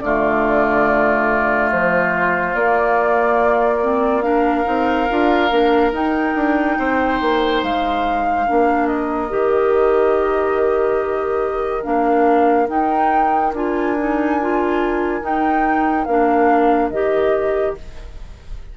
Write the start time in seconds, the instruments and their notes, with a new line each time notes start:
0.00 bassoon D3, clarinet A3, oboe F4, flute D5
1.72 bassoon F3, flute C5
2.54 clarinet A#3, bassoon A#3, flute D5
3.81 clarinet C4
4.22 clarinet D4, oboe A#4, flute F5
4.64 bassoon C4, clarinet D#4
5.10 bassoon D4, clarinet F4
5.49 bassoon A#3, clarinet D4
5.92 bassoon D#4, clarinet D#4, flute G5
6.35 bassoon D4
6.78 bassoon C4, oboe C5
7.21 bassoon A#3
7.63 bassoon G#3, flute F5
8.46 bassoon A#3, clarinet D4, oboe A#4
8.87 flute D#5
9.29 bassoon D#3, clarinet G4
11.83 bassoon A#3, clarinet D4, flute F5
12.67 clarinet D#4, bassoon D#4, flute G5
13.53 bassoon D4, clarinet F4, flute G#5
13.98 clarinet D#4
14.41 clarinet F4
15.21 clarinet D#4, bassoon D#4, flute G5
16.05 bassoon A#3, clarinet D4, flute F5
16.90 bassoon D#3, clarinet G4, flute D#5